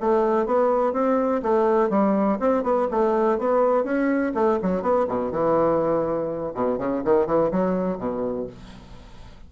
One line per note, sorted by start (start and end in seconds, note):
0.00 0.46 A3
0.46 0.92 B3
0.92 1.41 C4
1.42 1.89 A3
1.89 2.38 G3
2.39 2.63 C4
2.63 2.87 B3
2.90 3.38 A3
3.38 3.84 B3
3.84 4.32 C#4
4.34 4.59 A3
4.62 4.82 F#3
4.82 5.06 B3
5.08 5.31 B2
5.31 6.53 E3
6.54 6.77 B2
6.77 7.02 C#3
7.04 7.26 D#3
7.26 7.51 E3
7.51 7.98 F#3
7.98 8.46 B2